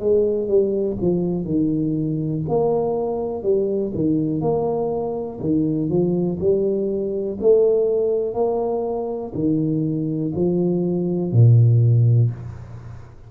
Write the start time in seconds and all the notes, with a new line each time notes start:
0.00 G#3
0.49 G3
1.01 F3
1.45 D#3
2.49 A#3
3.43 G3
3.95 D#3
4.42 A#3
5.41 D#3
5.90 F3
6.40 G3
7.41 A3
8.35 A#3
9.35 D#3
10.36 F3
11.32 A#2